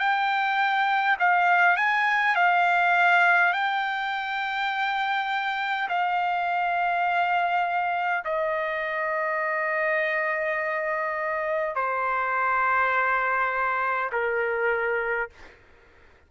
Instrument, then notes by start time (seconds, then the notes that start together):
trumpet
0.00 G5
1.20 F5
1.77 G#5
2.36 F5
3.53 G5
5.89 F5
8.25 D#5
11.76 C5
14.13 A#4